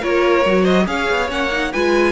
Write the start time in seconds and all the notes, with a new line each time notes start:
0.00 A#3 F4 A#4 C#5
0.45 F#3 F#4
0.62 C5 D#5
0.85 C#4 G#4 C#5 F5
1.10 B3
1.28 A#3 C#4 F#5
1.52 D#4
1.72 G#3 F4 B4 G#5